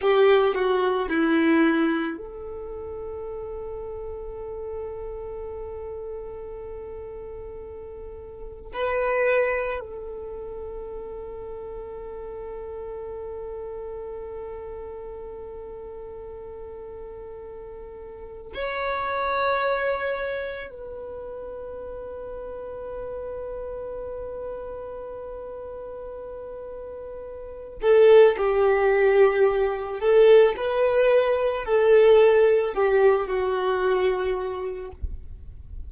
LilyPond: \new Staff \with { instrumentName = "violin" } { \time 4/4 \tempo 4 = 55 g'8 fis'8 e'4 a'2~ | a'1 | b'4 a'2.~ | a'1~ |
a'4 cis''2 b'4~ | b'1~ | b'4. a'8 g'4. a'8 | b'4 a'4 g'8 fis'4. | }